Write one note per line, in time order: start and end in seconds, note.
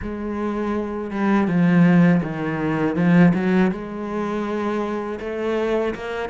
0.02 1.10 G#3
1.10 1.47 G3
1.47 2.21 F3
2.23 2.95 D#3
2.95 3.32 F3
3.34 3.71 F#3
3.71 5.19 G#3
5.20 5.94 A3
5.95 6.29 A#3